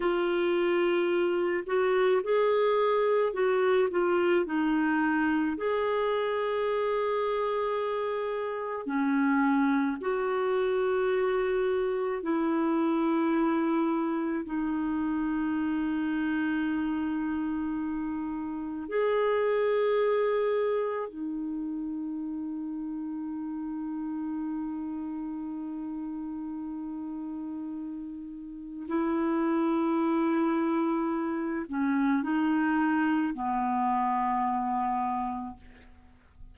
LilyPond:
\new Staff \with { instrumentName = "clarinet" } { \time 4/4 \tempo 4 = 54 f'4. fis'8 gis'4 fis'8 f'8 | dis'4 gis'2. | cis'4 fis'2 e'4~ | e'4 dis'2.~ |
dis'4 gis'2 dis'4~ | dis'1~ | dis'2 e'2~ | e'8 cis'8 dis'4 b2 | }